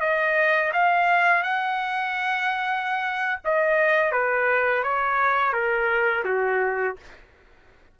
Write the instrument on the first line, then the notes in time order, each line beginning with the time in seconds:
trumpet
0.00 D#5
0.73 F5
1.43 F#5
3.44 D#5
4.12 B4
4.83 C#5
5.53 A#4
6.24 F#4